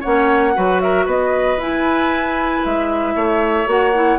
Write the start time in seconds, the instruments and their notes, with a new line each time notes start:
0.00 bassoon A#3, clarinet C#4, oboe C#5, flute F#5
0.54 bassoon F#3, clarinet F#4, oboe B4
0.80 oboe A#4, flute E5
1.05 bassoon B3, oboe B4, flute D#5
1.57 bassoon E4, clarinet E4, flute G#5
2.64 bassoon G#3, flute E5
3.15 bassoon A3, oboe C#5
3.66 bassoon A#3, clarinet F#4, flute F#5
3.94 clarinet E4